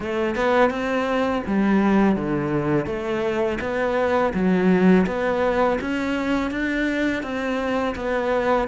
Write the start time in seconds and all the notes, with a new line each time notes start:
0.00 A3
0.35 B3
0.70 C4
1.46 G3
2.16 D3
2.86 A3
3.60 B3
4.33 F#3
5.06 B3
5.81 C#4
6.50 D4
7.22 C4
7.95 B3